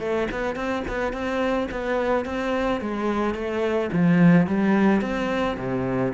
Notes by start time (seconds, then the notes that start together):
0.00 A3
0.32 B3
0.56 C4
0.88 B3
1.13 C4
1.72 B3
2.26 C4
2.81 G#3
3.35 A3
3.93 F3
4.47 G3
5.02 C4
5.58 C3